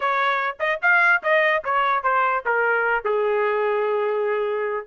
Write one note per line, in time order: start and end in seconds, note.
0.00 0.57 C#5
0.59 0.80 D#5
0.81 1.22 F5
1.22 1.63 D#5
1.64 2.03 C#5
2.03 2.43 C5
2.45 3.04 A#4
3.04 4.86 G#4